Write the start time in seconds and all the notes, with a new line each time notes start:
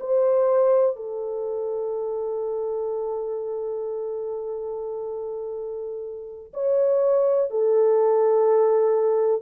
0.00 C5
0.96 A4
6.53 C#5
7.50 A4